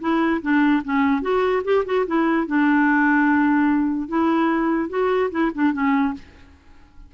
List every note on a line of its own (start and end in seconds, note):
0.00 0.41 E4
0.41 0.82 D4
0.84 1.21 C#4
1.21 1.62 F#4
1.64 1.84 G4
1.85 2.05 F#4
2.06 2.47 E4
2.47 4.08 D4
4.08 4.89 E4
4.89 5.30 F#4
5.31 5.51 E4
5.54 5.73 D4
5.73 6.14 C#4